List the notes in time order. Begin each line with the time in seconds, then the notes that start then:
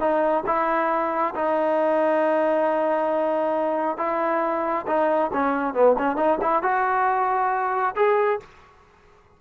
0.00 D#4
0.47 E4
1.35 D#4
3.98 E4
4.87 D#4
5.33 C#4
5.74 B3
5.98 C#4
6.16 D#4
6.42 E4
6.63 F#4
7.96 G#4